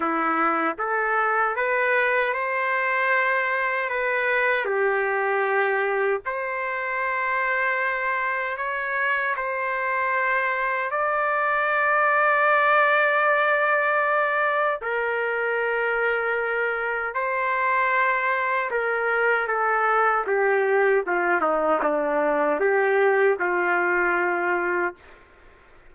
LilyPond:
\new Staff \with { instrumentName = "trumpet" } { \time 4/4 \tempo 4 = 77 e'4 a'4 b'4 c''4~ | c''4 b'4 g'2 | c''2. cis''4 | c''2 d''2~ |
d''2. ais'4~ | ais'2 c''2 | ais'4 a'4 g'4 f'8 dis'8 | d'4 g'4 f'2 | }